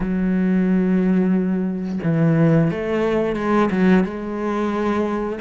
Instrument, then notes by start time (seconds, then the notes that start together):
cello
0.00 F#3
2.03 E3
2.71 A3
3.36 G#3
3.70 F#3
4.04 G#3